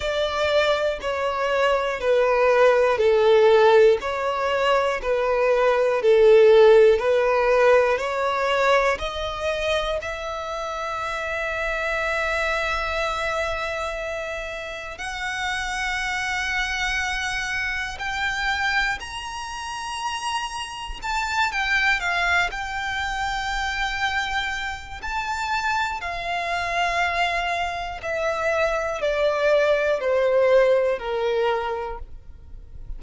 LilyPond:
\new Staff \with { instrumentName = "violin" } { \time 4/4 \tempo 4 = 60 d''4 cis''4 b'4 a'4 | cis''4 b'4 a'4 b'4 | cis''4 dis''4 e''2~ | e''2. fis''4~ |
fis''2 g''4 ais''4~ | ais''4 a''8 g''8 f''8 g''4.~ | g''4 a''4 f''2 | e''4 d''4 c''4 ais'4 | }